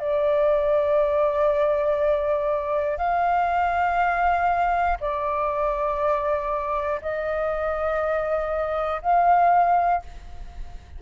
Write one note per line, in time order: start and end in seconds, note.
0.00 2.98 D5
2.98 4.98 F5
5.00 7.00 D5
7.01 9.01 D#5
9.02 10.02 F5